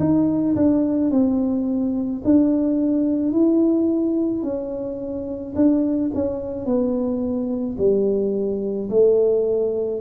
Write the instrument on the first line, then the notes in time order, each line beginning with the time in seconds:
tuba
0.00 D#4
0.56 D4
1.12 C4
2.25 D4
3.33 E4
4.43 C#4
5.56 D4
6.15 C#4
6.66 B3
7.79 G3
8.90 A3